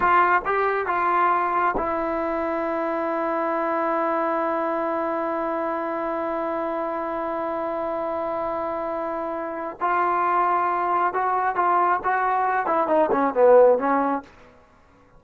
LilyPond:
\new Staff \with { instrumentName = "trombone" } { \time 4/4 \tempo 4 = 135 f'4 g'4 f'2 | e'1~ | e'1~ | e'1~ |
e'1~ | e'2 f'2~ | f'4 fis'4 f'4 fis'4~ | fis'8 e'8 dis'8 cis'8 b4 cis'4 | }